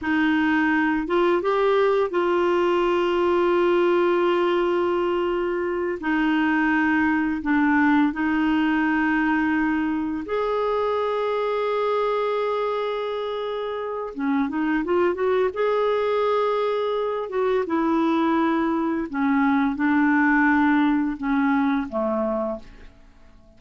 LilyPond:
\new Staff \with { instrumentName = "clarinet" } { \time 4/4 \tempo 4 = 85 dis'4. f'8 g'4 f'4~ | f'1~ | f'8 dis'2 d'4 dis'8~ | dis'2~ dis'8 gis'4.~ |
gis'1 | cis'8 dis'8 f'8 fis'8 gis'2~ | gis'8 fis'8 e'2 cis'4 | d'2 cis'4 a4 | }